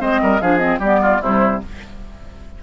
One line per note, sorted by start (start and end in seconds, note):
0.00 0.21 G#3
0.00 0.40 C4
0.00 0.21 C5
0.00 0.41 D#5
0.22 0.41 G3
0.22 0.42 A#4
0.41 0.79 F3
0.41 0.59 D4
0.41 0.80 G#4
0.41 0.58 F5
0.58 0.80 C4
0.58 0.78 D#5
0.79 1.20 G3
0.79 1.23 B3
0.79 1.00 G4
0.79 1.23 D5
1.02 1.21 F4
1.21 1.62 C3
1.21 1.63 G3
1.21 1.61 E4
1.21 1.63 C5